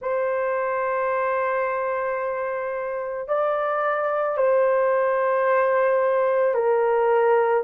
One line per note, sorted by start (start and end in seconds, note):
0.01 3.28 C5
3.28 4.37 D5
4.37 6.54 C5
6.54 7.63 A#4